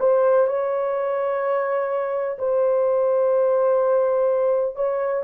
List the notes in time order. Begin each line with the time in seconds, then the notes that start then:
0.00 C5
0.48 C#5
2.39 C5
4.76 C#5